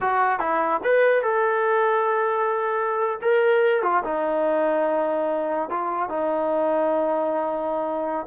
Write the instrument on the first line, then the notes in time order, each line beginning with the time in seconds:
trombone
0.00 F#4
0.39 E4
0.83 B4
1.22 A4
3.21 A#4
3.82 F4
4.04 D#4
5.69 F4
6.09 D#4